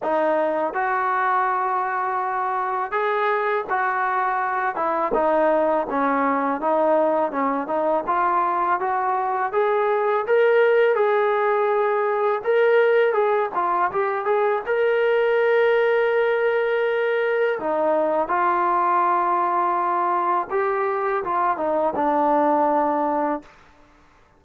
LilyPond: \new Staff \with { instrumentName = "trombone" } { \time 4/4 \tempo 4 = 82 dis'4 fis'2. | gis'4 fis'4. e'8 dis'4 | cis'4 dis'4 cis'8 dis'8 f'4 | fis'4 gis'4 ais'4 gis'4~ |
gis'4 ais'4 gis'8 f'8 g'8 gis'8 | ais'1 | dis'4 f'2. | g'4 f'8 dis'8 d'2 | }